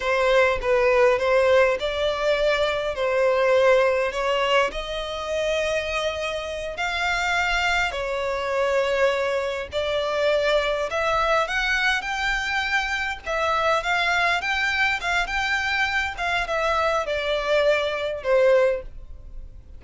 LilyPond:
\new Staff \with { instrumentName = "violin" } { \time 4/4 \tempo 4 = 102 c''4 b'4 c''4 d''4~ | d''4 c''2 cis''4 | dis''2.~ dis''8 f''8~ | f''4. cis''2~ cis''8~ |
cis''8 d''2 e''4 fis''8~ | fis''8 g''2 e''4 f''8~ | f''8 g''4 f''8 g''4. f''8 | e''4 d''2 c''4 | }